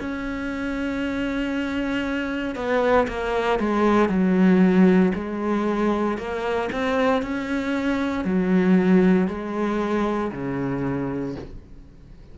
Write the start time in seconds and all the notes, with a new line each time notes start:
0.00 C#4
2.55 B3
3.08 A#3
3.59 G#3
4.09 F#3
5.14 G#3
6.18 A#3
6.72 C4
7.22 C#4
8.24 F#3
9.28 G#3
10.32 C#3